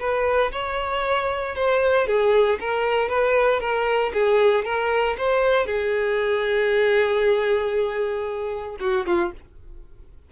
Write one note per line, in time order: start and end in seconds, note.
0.00 0.52 B4
0.52 1.55 C#5
1.56 2.07 C5
2.07 2.59 G#4
2.61 3.09 A#4
3.09 3.60 B4
3.60 4.12 A#4
4.14 4.65 G#4
4.65 5.16 A#4
5.18 5.66 C5
5.66 8.77 G#4
8.80 9.06 F#4
9.06 9.32 F4